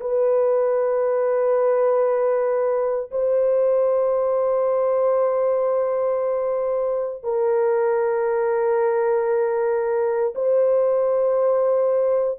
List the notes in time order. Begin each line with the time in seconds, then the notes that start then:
0.00 B4
3.11 C5
7.23 A#4
10.35 C5